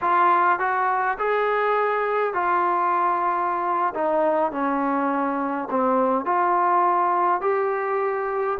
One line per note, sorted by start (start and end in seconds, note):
0.01 0.59 F4
0.59 1.17 F#4
1.18 2.33 G#4
2.33 3.93 F4
3.94 4.51 D#4
4.51 5.68 C#4
5.70 6.25 C4
6.25 7.41 F4
7.41 8.57 G4